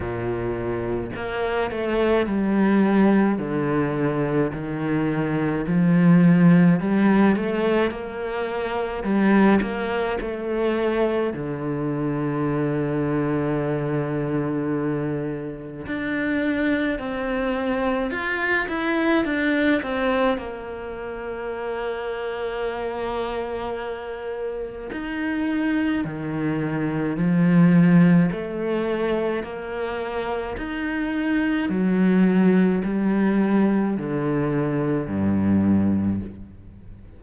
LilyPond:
\new Staff \with { instrumentName = "cello" } { \time 4/4 \tempo 4 = 53 ais,4 ais8 a8 g4 d4 | dis4 f4 g8 a8 ais4 | g8 ais8 a4 d2~ | d2 d'4 c'4 |
f'8 e'8 d'8 c'8 ais2~ | ais2 dis'4 dis4 | f4 a4 ais4 dis'4 | fis4 g4 d4 g,4 | }